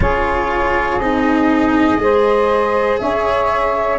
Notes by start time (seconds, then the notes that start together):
0.00 C#4 F4 G#4 C#5
0.99 C4 D#4 D#5
1.97 G#3 G#4 C5
2.99 C#4 C#5 E5